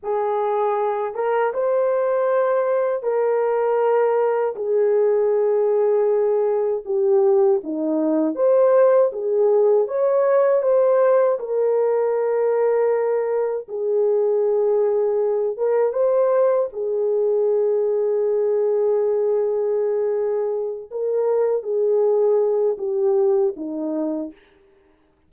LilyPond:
\new Staff \with { instrumentName = "horn" } { \time 4/4 \tempo 4 = 79 gis'4. ais'8 c''2 | ais'2 gis'2~ | gis'4 g'4 dis'4 c''4 | gis'4 cis''4 c''4 ais'4~ |
ais'2 gis'2~ | gis'8 ais'8 c''4 gis'2~ | gis'2.~ gis'8 ais'8~ | ais'8 gis'4. g'4 dis'4 | }